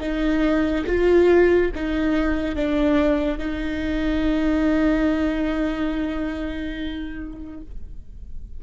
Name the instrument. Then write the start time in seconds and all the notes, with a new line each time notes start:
viola
0.00 D#4
0.86 F4
1.75 D#4
2.55 D4
3.38 D#4